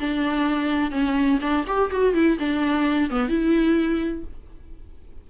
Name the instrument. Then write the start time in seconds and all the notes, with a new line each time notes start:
viola
0.00 D4
0.92 C#4
1.42 D4
1.67 G4
1.91 F#4
2.14 E4
2.39 D4
3.11 B3
3.29 E4